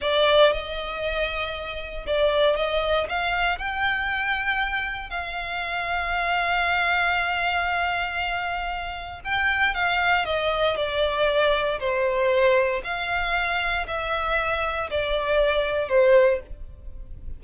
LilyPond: \new Staff \with { instrumentName = "violin" } { \time 4/4 \tempo 4 = 117 d''4 dis''2. | d''4 dis''4 f''4 g''4~ | g''2 f''2~ | f''1~ |
f''2 g''4 f''4 | dis''4 d''2 c''4~ | c''4 f''2 e''4~ | e''4 d''2 c''4 | }